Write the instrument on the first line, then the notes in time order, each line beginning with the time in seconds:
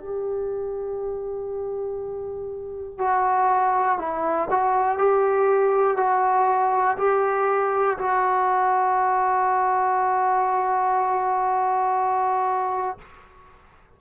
trombone
0.00 G4
2.99 F#4
3.99 E4
4.50 F#4
4.99 G4
5.97 F#4
6.98 G4
7.98 F#4